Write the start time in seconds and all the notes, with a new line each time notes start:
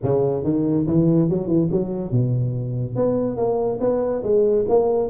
0.02 C#3
0.43 D#3
0.86 E3
1.29 F#3
1.47 E3
1.71 F#3
2.11 B2
2.95 B3
3.36 A#3
3.80 B3
4.23 G#3
4.68 A#3